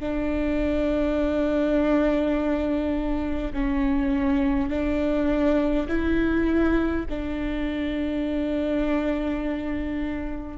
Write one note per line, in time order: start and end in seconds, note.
0.00 3.53 D4
3.53 4.70 C#4
4.70 5.88 D4
5.88 7.06 E4
7.09 10.58 D4